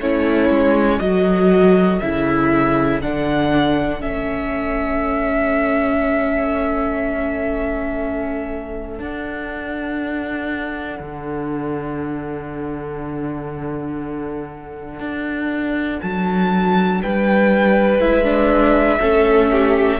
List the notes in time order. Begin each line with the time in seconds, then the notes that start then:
0.00 A3 C#4 E4 C#5
0.49 G#3
0.99 F#3 F#4 A4 D#5
1.99 C#3 E4 E5
3.01 D3 D4 F#5
4.00 A3 C#4 E5
8.97 D4 F#5
10.99 D3
14.99 D4
16.01 F#3 A5
17.02 G3 B4 G5
17.98 G#3 E4 E5
18.24 D4
18.99 A3 C#4 A4
19.51 G4